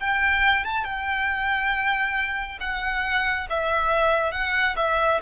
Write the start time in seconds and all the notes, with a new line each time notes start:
0.00 G5
0.64 A5
0.84 G5
2.60 F#5
3.50 E5
4.32 F#5
4.76 E5